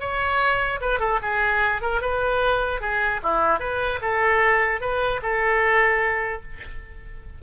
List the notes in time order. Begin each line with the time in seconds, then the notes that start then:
0.00 C#5
0.81 B4
1.00 A4
1.22 G#4
1.82 A#4
2.01 B4
2.81 G#4
3.23 E4
3.60 B4
4.02 A4
4.81 B4
5.22 A4